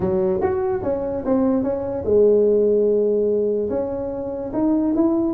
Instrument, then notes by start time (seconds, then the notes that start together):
tuba
0.00 F#3
0.41 F#4
0.83 C#4
1.25 C4
1.63 C#4
2.04 G#3
3.69 C#4
4.53 D#4
4.95 E4